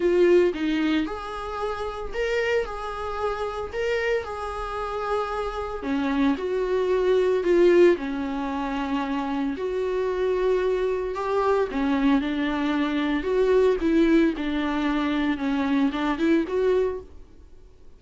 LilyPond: \new Staff \with { instrumentName = "viola" } { \time 4/4 \tempo 4 = 113 f'4 dis'4 gis'2 | ais'4 gis'2 ais'4 | gis'2. cis'4 | fis'2 f'4 cis'4~ |
cis'2 fis'2~ | fis'4 g'4 cis'4 d'4~ | d'4 fis'4 e'4 d'4~ | d'4 cis'4 d'8 e'8 fis'4 | }